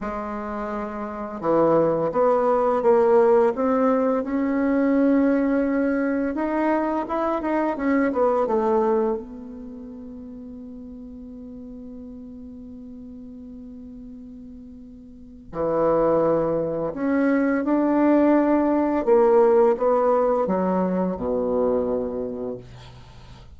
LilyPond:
\new Staff \with { instrumentName = "bassoon" } { \time 4/4 \tempo 4 = 85 gis2 e4 b4 | ais4 c'4 cis'2~ | cis'4 dis'4 e'8 dis'8 cis'8 b8 | a4 b2.~ |
b1~ | b2 e2 | cis'4 d'2 ais4 | b4 fis4 b,2 | }